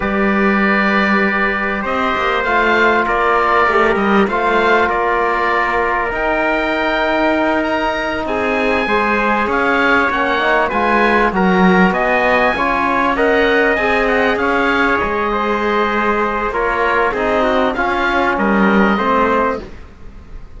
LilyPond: <<
  \new Staff \with { instrumentName = "oboe" } { \time 4/4 \tempo 4 = 98 d''2. dis''4 | f''4 d''4. dis''8 f''4 | d''2 g''2~ | g''8 ais''4 gis''2 f''8~ |
f''8 fis''4 gis''4 ais''4 gis''8~ | gis''4. fis''4 gis''8 fis''8 f''8~ | f''8 dis''2~ dis''8 cis''4 | dis''4 f''4 dis''2 | }
  \new Staff \with { instrumentName = "trumpet" } { \time 4/4 b'2. c''4~ | c''4 ais'2 c''4 | ais'1~ | ais'4. gis'4 c''4 cis''8~ |
cis''4. b'4 ais'4 dis''8~ | dis''8 cis''4 dis''2 cis''8~ | cis''4 c''2 ais'4 | gis'8 fis'8 f'4 ais'4 c''4 | }
  \new Staff \with { instrumentName = "trombone" } { \time 4/4 g'1 | f'2 g'4 f'4~ | f'2 dis'2~ | dis'2~ dis'8 gis'4.~ |
gis'8 cis'8 dis'8 f'4 fis'4.~ | fis'8 f'4 ais'4 gis'4.~ | gis'2. f'4 | dis'4 cis'2 c'4 | }
  \new Staff \with { instrumentName = "cello" } { \time 4/4 g2. c'8 ais8 | a4 ais4 a8 g8 a4 | ais2 dis'2~ | dis'4. c'4 gis4 cis'8~ |
cis'8 ais4 gis4 fis4 b8~ | b8 cis'2 c'4 cis'8~ | cis'8 gis2~ gis8 ais4 | c'4 cis'4 g4 a4 | }
>>